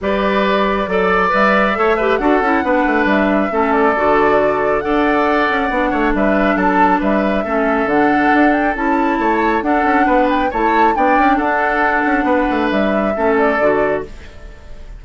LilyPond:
<<
  \new Staff \with { instrumentName = "flute" } { \time 4/4 \tempo 4 = 137 d''2. e''4~ | e''4 fis''2 e''4~ | e''8 d''2~ d''8 fis''4~ | fis''2 e''4 a''4 |
e''2 fis''4. g''8 | a''2 fis''4. g''8 | a''4 g''4 fis''2~ | fis''4 e''4. d''4. | }
  \new Staff \with { instrumentName = "oboe" } { \time 4/4 b'2 d''2 | cis''8 b'8 a'4 b'2 | a'2. d''4~ | d''4. cis''8 b'4 a'4 |
b'4 a'2.~ | a'4 cis''4 a'4 b'4 | cis''4 d''4 a'2 | b'2 a'2 | }
  \new Staff \with { instrumentName = "clarinet" } { \time 4/4 g'2 a'4 b'4 | a'8 g'8 fis'8 e'8 d'2 | cis'4 fis'2 a'4~ | a'4 d'2.~ |
d'4 cis'4 d'2 | e'2 d'2 | e'4 d'2.~ | d'2 cis'4 fis'4 | }
  \new Staff \with { instrumentName = "bassoon" } { \time 4/4 g2 fis4 g4 | a4 d'8 cis'8 b8 a8 g4 | a4 d2 d'4~ | d'8 cis'8 b8 a8 g4 fis4 |
g4 a4 d4 d'4 | cis'4 a4 d'8 cis'8 b4 | a4 b8 cis'8 d'4. cis'8 | b8 a8 g4 a4 d4 | }
>>